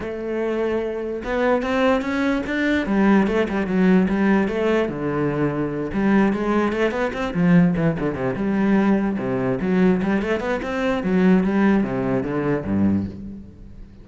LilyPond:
\new Staff \with { instrumentName = "cello" } { \time 4/4 \tempo 4 = 147 a2. b4 | c'4 cis'4 d'4 g4 | a8 g8 fis4 g4 a4 | d2~ d8 g4 gis8~ |
gis8 a8 b8 c'8 f4 e8 d8 | c8 g2 c4 fis8~ | fis8 g8 a8 b8 c'4 fis4 | g4 c4 d4 g,4 | }